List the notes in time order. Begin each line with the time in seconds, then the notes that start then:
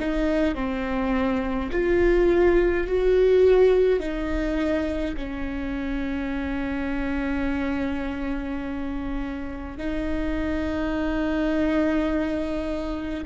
0.00 D#4
0.55 C4
1.72 F4
2.87 F#4
4.00 D#4
5.17 C#4
9.78 D#4